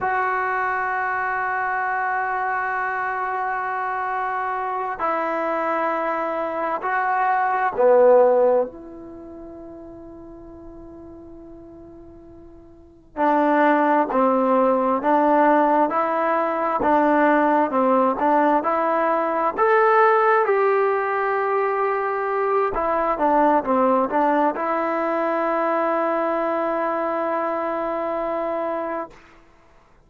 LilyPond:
\new Staff \with { instrumentName = "trombone" } { \time 4/4 \tempo 4 = 66 fis'1~ | fis'4. e'2 fis'8~ | fis'8 b4 e'2~ e'8~ | e'2~ e'8 d'4 c'8~ |
c'8 d'4 e'4 d'4 c'8 | d'8 e'4 a'4 g'4.~ | g'4 e'8 d'8 c'8 d'8 e'4~ | e'1 | }